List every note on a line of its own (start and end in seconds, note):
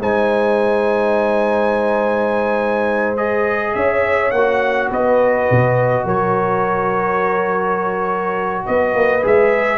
0.00 3.75 G#3
0.00 3.17 D#4
0.00 3.76 C5
0.00 3.17 G#5
3.17 4.33 G#4
3.17 3.75 D#5
3.75 4.32 C#4
3.75 4.90 C#5
3.75 4.31 E5
4.31 4.90 A#3
4.31 9.22 F#4
4.31 4.89 F#5
4.90 5.49 B3
4.90 6.05 B4
4.90 6.08 D#5
5.51 6.05 B2
6.05 8.64 F#3
6.05 8.65 A#4
6.05 8.67 C#5
8.66 8.95 B3
8.66 9.79 B4
8.66 9.24 D#5
8.95 9.24 A#3
9.22 9.79 G#3
9.22 9.79 G#4
9.22 9.79 E5